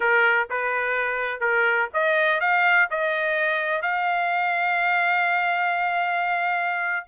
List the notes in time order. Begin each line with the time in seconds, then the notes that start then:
0.00 A#4
0.50 B4
1.40 A#4
1.93 D#5
2.40 F5
2.90 D#5
3.82 F5